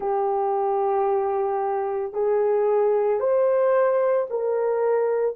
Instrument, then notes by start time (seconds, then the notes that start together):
horn
0.00 G4
2.13 G#4
3.19 C5
4.30 A#4